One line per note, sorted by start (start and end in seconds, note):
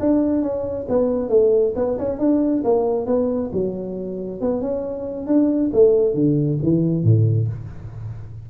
0.00 0.43 D4
0.43 0.87 C#4
0.89 1.30 B3
1.30 1.74 A3
1.76 1.98 B3
1.99 2.19 C#4
2.19 2.63 D4
2.64 3.06 A#3
3.06 3.51 B3
3.53 4.41 F#3
4.41 4.62 B3
4.62 5.27 C#4
5.27 5.71 D4
5.74 6.15 A3
6.15 6.59 D3
6.63 7.04 E3
7.04 7.48 A2